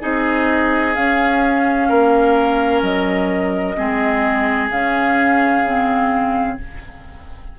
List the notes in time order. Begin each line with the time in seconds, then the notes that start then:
0.00 C4 D#4 G#4 D#5
0.95 C#4 F5
1.89 A#3 A#4
2.82 F#3 D#5
3.77 G#3 C4 G#4
4.71 C#3 C#4 F5
5.65 C4